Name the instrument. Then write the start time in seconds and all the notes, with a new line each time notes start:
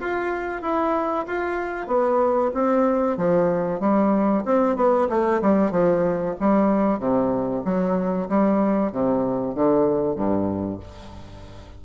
bassoon
0.00 F4
0.62 E4
1.27 F4
1.87 B3
2.54 C4
3.17 F3
3.80 G3
4.45 C4
4.76 B3
5.09 A3
5.42 G3
5.71 F3
6.40 G3
6.99 C3
7.65 F#3
8.29 G3
8.92 C3
9.55 D3
10.16 G2